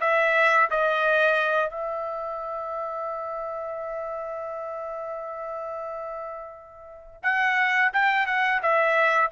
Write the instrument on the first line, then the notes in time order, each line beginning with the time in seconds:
trumpet
0.00 E5
0.70 D#5
1.69 E5
7.23 F#5
7.93 G5
8.26 F#5
8.62 E5